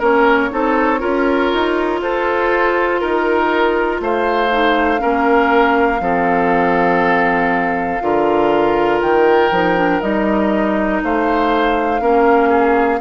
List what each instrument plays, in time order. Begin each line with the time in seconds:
0.00 bassoon A#3, clarinet C#4, oboe A#4, flute C#5
0.51 bassoon C4, clarinet D#4, oboe A4
1.00 bassoon C#4, clarinet F4, oboe A#4
1.54 bassoon D#4
2.02 bassoon F4, oboe A4, flute C5
3.00 bassoon D#4, flute A#4, oboe A#4
4.01 bassoon A3, oboe C5, flute F5
4.52 clarinet D#4
4.99 bassoon A#3, clarinet C#4, oboe A#4
6.01 bassoon F3, clarinet C4, oboe A4
8.01 bassoon D3, clarinet F4, oboe A#4
9.02 bassoon D#3, flute G5
9.51 bassoon F3, clarinet D#4
9.77 clarinet D4
10.01 bassoon G3, clarinet D#4, flute D#5
11.03 bassoon A3, oboe C5, flute F5
12.01 bassoon A#3, clarinet C#4, oboe A#4
12.49 oboe G#4